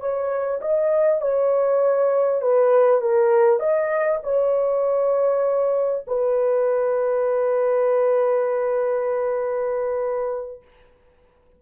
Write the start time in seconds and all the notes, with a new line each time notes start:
0.00 C#5
0.61 D#5
1.21 C#5
2.42 B4
3.01 A#4
3.60 D#5
4.23 C#5
6.07 B4